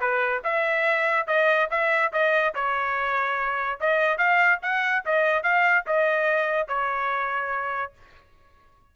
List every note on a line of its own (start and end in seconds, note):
0.00 0.42 B4
0.44 1.27 E5
1.27 1.69 D#5
1.70 2.12 E5
2.12 2.54 D#5
2.54 3.79 C#5
3.80 4.18 D#5
4.18 4.59 F5
4.62 5.04 F#5
5.05 5.43 D#5
5.43 5.84 F5
5.86 6.67 D#5
6.67 7.92 C#5